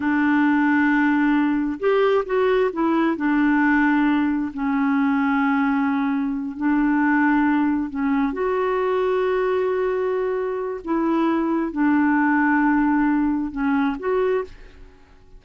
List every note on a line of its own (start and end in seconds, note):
0.00 1.79 D4
1.79 2.24 G4
2.25 2.70 F#4
2.72 3.16 E4
3.16 4.51 D4
4.53 6.56 C#4
6.56 7.89 D4
7.89 8.32 C#4
8.32 10.80 F#4
10.84 11.72 E4
11.72 13.51 D4
13.51 13.96 C#4
13.99 14.44 F#4